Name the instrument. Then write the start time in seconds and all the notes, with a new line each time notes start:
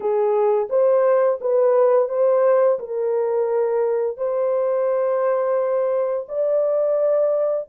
horn
0.00 G#4
0.69 C5
1.40 B4
2.09 C5
2.79 A#4
4.17 C5
6.28 D5